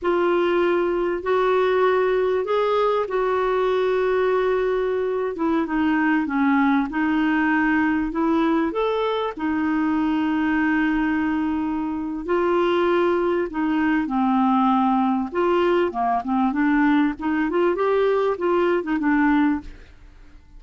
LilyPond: \new Staff \with { instrumentName = "clarinet" } { \time 4/4 \tempo 4 = 98 f'2 fis'2 | gis'4 fis'2.~ | fis'8. e'8 dis'4 cis'4 dis'8.~ | dis'4~ dis'16 e'4 a'4 dis'8.~ |
dis'1 | f'2 dis'4 c'4~ | c'4 f'4 ais8 c'8 d'4 | dis'8 f'8 g'4 f'8. dis'16 d'4 | }